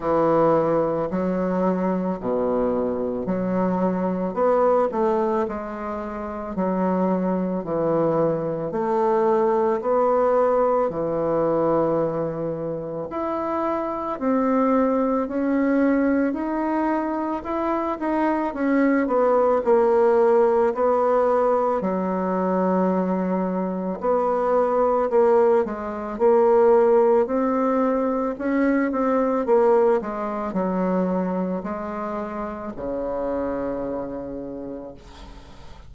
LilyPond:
\new Staff \with { instrumentName = "bassoon" } { \time 4/4 \tempo 4 = 55 e4 fis4 b,4 fis4 | b8 a8 gis4 fis4 e4 | a4 b4 e2 | e'4 c'4 cis'4 dis'4 |
e'8 dis'8 cis'8 b8 ais4 b4 | fis2 b4 ais8 gis8 | ais4 c'4 cis'8 c'8 ais8 gis8 | fis4 gis4 cis2 | }